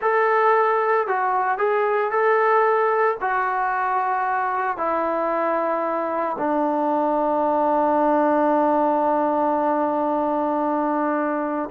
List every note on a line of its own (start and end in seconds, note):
0.01 1.07 A4
1.07 1.58 F#4
1.58 2.11 G#4
2.11 3.17 A4
3.20 4.77 F#4
4.77 6.36 E4
6.38 11.69 D4